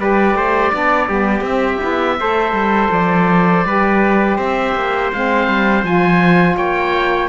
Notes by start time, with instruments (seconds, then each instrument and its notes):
0.00 cello G3, saxophone G4, trumpet B4, oboe D5
0.35 cello A3, trumpet C5
0.71 cello B3, saxophone D4, trumpet D5
1.09 cello G3, saxophone B3, trumpet G4
1.41 cello C4, saxophone C4, oboe E5
1.82 cello B3, saxophone E4
2.20 cello A3, saxophone A4, trumpet C5
2.53 cello G3
2.91 cello F3, oboe D5
3.66 cello G3, saxophone G4, trumpet B4
4.37 cello C4, trumpet C5, oboe E5
4.75 cello A#3
5.13 cello G#3, saxophone C4, oboe F5
5.48 cello G3
5.84 cello F3, saxophone F4, oboe G#5
6.57 cello A#3, trumpet C#5, oboe G5